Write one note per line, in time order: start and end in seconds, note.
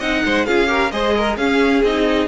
0.00 0.23 C4
0.00 0.47 D#4
0.00 0.23 D#5
0.00 0.46 F#5
0.25 0.48 G#3
0.25 0.47 C5
0.46 0.92 C#4
0.46 0.67 F4
0.46 0.69 G#4
0.46 0.91 F5
0.67 0.90 G4
0.67 0.92 A#4
0.91 1.37 G#3
0.91 1.38 G#4
0.91 1.15 C5
0.91 1.37 D#5
1.17 1.38 A#4
1.37 1.82 C#4
1.37 1.84 C#4
1.37 2.28 G#4
1.37 1.82 F5
1.83 2.28 C4
1.83 2.28 D#4
1.83 2.28 D#5